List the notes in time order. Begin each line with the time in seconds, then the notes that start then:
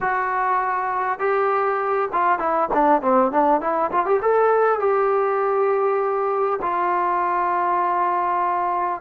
0.00 F#4
1.19 G4
2.12 F4
2.38 E4
2.73 D4
3.01 C4
3.31 D4
3.60 E4
3.91 F4
4.05 G4
4.21 A4
4.79 G4
6.61 F4